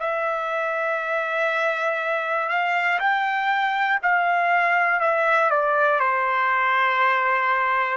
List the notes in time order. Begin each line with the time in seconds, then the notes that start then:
0.00 E5
2.49 F5
2.99 G5
4.02 F5
5.00 E5
5.50 D5
6.00 C5